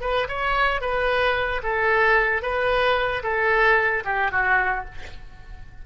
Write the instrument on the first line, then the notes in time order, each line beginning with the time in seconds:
oboe
0.00 B4
0.28 C#5
0.81 B4
1.63 A4
2.42 B4
3.23 A4
4.04 G4
4.31 F#4